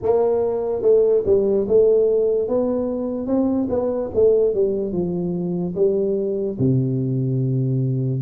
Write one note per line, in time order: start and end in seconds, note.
0.02 0.81 A#3
0.81 1.23 A3
1.26 1.67 G3
1.68 2.47 A3
2.47 3.27 B3
3.27 3.68 C4
3.69 4.10 B3
4.14 4.54 A3
4.54 4.92 G3
4.92 5.74 F3
5.75 6.57 G3
6.58 8.21 C3